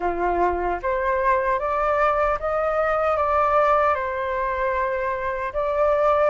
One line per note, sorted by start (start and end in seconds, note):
0.00 0.79 F4
0.82 1.59 C5
1.59 2.38 D5
2.39 3.16 D#5
3.16 3.95 D5
3.95 5.53 C5
5.53 6.30 D5